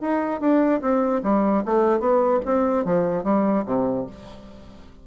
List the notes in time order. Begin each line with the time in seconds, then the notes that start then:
0.00 D#4
0.40 D4
0.81 C4
1.23 G3
1.65 A3
1.99 B3
2.45 C4
2.84 F3
3.23 G3
3.65 C3